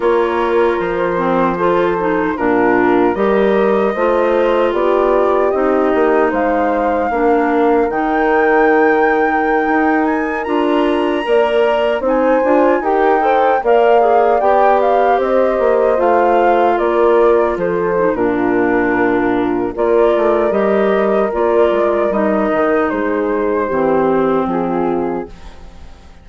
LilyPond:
<<
  \new Staff \with { instrumentName = "flute" } { \time 4/4 \tempo 4 = 76 cis''4 c''2 ais'4 | dis''2 d''4 dis''4 | f''2 g''2~ | g''8. gis''8 ais''2 gis''8.~ |
gis''16 g''4 f''4 g''8 f''8 dis''8.~ | dis''16 f''4 d''4 c''8. ais'4~ | ais'4 d''4 dis''4 d''4 | dis''4 c''2 gis'4 | }
  \new Staff \with { instrumentName = "horn" } { \time 4/4 ais'2 a'4 f'4 | ais'4 c''4 g'2 | c''4 ais'2.~ | ais'2~ ais'16 d''4 c''8.~ |
c''16 ais'8 c''8 d''2 c''8.~ | c''4~ c''16 ais'4 a'8. f'4~ | f'4 ais'2.~ | ais'4 gis'4 g'4 f'4 | }
  \new Staff \with { instrumentName = "clarinet" } { \time 4/4 f'4. c'8 f'8 dis'8 d'4 | g'4 f'2 dis'4~ | dis'4 d'4 dis'2~ | dis'4~ dis'16 f'4 ais'4 dis'8 f'16~ |
f'16 g'8 a'8 ais'8 gis'8 g'4.~ g'16~ | g'16 f'2~ f'8 dis'16 d'4~ | d'4 f'4 g'4 f'4 | dis'2 c'2 | }
  \new Staff \with { instrumentName = "bassoon" } { \time 4/4 ais4 f2 ais,4 | g4 a4 b4 c'8 ais8 | gis4 ais4 dis2~ | dis16 dis'4 d'4 ais4 c'8 d'16~ |
d'16 dis'4 ais4 b4 c'8 ais16~ | ais16 a4 ais4 f8. ais,4~ | ais,4 ais8 a8 g4 ais8 gis8 | g8 dis8 gis4 e4 f4 | }
>>